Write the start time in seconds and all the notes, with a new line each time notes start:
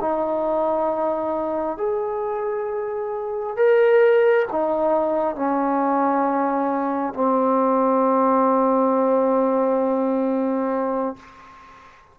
0.00 D#4
1.77 G#4
3.56 A#4
4.51 D#4
5.35 C#4
7.13 C4